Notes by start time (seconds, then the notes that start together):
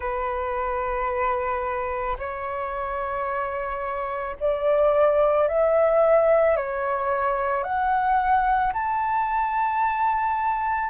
0.00 B4
2.18 C#5
4.39 D5
5.47 E5
6.56 C#5
7.63 F#5
8.73 A5